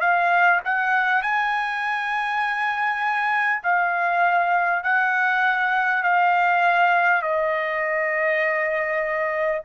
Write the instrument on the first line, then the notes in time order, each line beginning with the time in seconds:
trumpet
0.00 F5
0.65 F#5
1.22 G#5
3.63 F5
4.83 F#5
6.03 F5
7.22 D#5